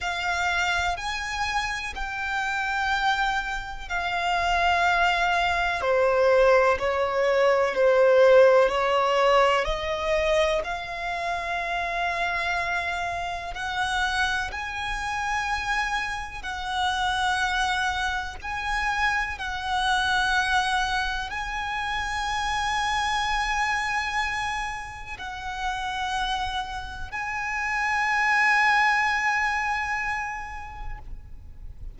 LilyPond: \new Staff \with { instrumentName = "violin" } { \time 4/4 \tempo 4 = 62 f''4 gis''4 g''2 | f''2 c''4 cis''4 | c''4 cis''4 dis''4 f''4~ | f''2 fis''4 gis''4~ |
gis''4 fis''2 gis''4 | fis''2 gis''2~ | gis''2 fis''2 | gis''1 | }